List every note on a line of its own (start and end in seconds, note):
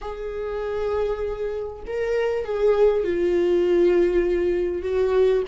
0.01 1.83 G#4
1.86 2.44 A#4
2.44 3.03 G#4
3.03 4.82 F4
4.82 5.42 F#4